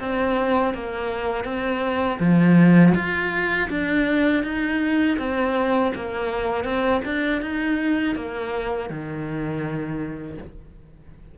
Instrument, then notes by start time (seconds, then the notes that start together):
cello
0.00 C4
0.74 A#3
1.45 C4
2.20 F3
2.95 F4
3.70 D4
4.44 D#4
5.19 C4
5.95 A#3
6.65 C4
7.05 D4
7.42 D#4
8.16 A#3
8.90 D#3